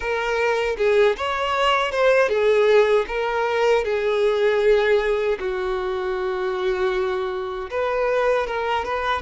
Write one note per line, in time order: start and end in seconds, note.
0.00 0.76 A#4
0.77 1.15 G#4
1.17 1.91 C#5
1.91 2.28 C5
2.28 3.05 G#4
3.07 3.84 A#4
3.84 5.38 G#4
5.39 7.70 F#4
7.70 8.47 B4
8.47 8.85 A#4
8.85 9.21 B4